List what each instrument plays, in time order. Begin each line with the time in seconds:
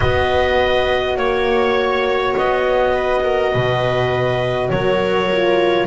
0.00 double bass B3, horn F#4, viola B4, clarinet D#5
1.16 double bass A#3, clarinet C#5, viola C#5
2.37 double bass B3, clarinet D#5
2.91 viola B4
3.24 viola A#4
3.52 double bass B2, viola B4
4.69 double bass F#3, viola A#4, clarinet C#5
5.31 horn F4